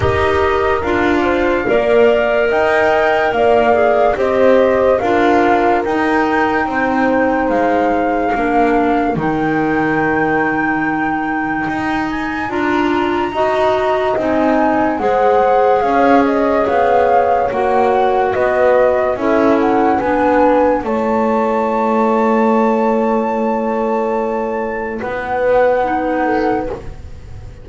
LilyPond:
<<
  \new Staff \with { instrumentName = "flute" } { \time 4/4 \tempo 4 = 72 dis''4 f''2 g''4 | f''4 dis''4 f''4 g''4~ | g''4 f''2 g''4~ | g''2~ g''8 gis''8 ais''4~ |
ais''4 gis''4 fis''4 f''8 dis''8 | f''4 fis''4 dis''4 e''8 fis''8 | gis''4 a''2.~ | a''2 fis''2 | }
  \new Staff \with { instrumentName = "horn" } { \time 4/4 ais'4. c''8 d''4 dis''4 | d''4 c''4 ais'2 | c''2 ais'2~ | ais'1 |
dis''2 c''4 cis''4~ | cis''2 b'4 a'4 | b'4 cis''2.~ | cis''2 b'4. a'8 | }
  \new Staff \with { instrumentName = "clarinet" } { \time 4/4 g'4 f'4 ais'2~ | ais'8 gis'8 g'4 f'4 dis'4~ | dis'2 d'4 dis'4~ | dis'2. f'4 |
fis'4 dis'4 gis'2~ | gis'4 fis'2 e'4 | d'4 e'2.~ | e'2. dis'4 | }
  \new Staff \with { instrumentName = "double bass" } { \time 4/4 dis'4 d'4 ais4 dis'4 | ais4 c'4 d'4 dis'4 | c'4 gis4 ais4 dis4~ | dis2 dis'4 d'4 |
dis'4 c'4 gis4 cis'4 | b4 ais4 b4 cis'4 | b4 a2.~ | a2 b2 | }
>>